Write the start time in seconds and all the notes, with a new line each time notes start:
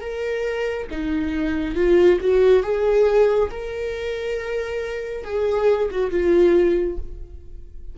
0.00 A#4
0.90 D#4
1.75 F4
2.20 F#4
2.63 G#4
3.50 A#4
5.24 G#4
5.91 F#4
6.10 F4